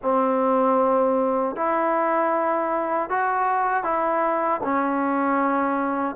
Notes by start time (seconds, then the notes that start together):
0.02 C4
1.56 E4
3.09 F#4
3.83 E4
4.63 C#4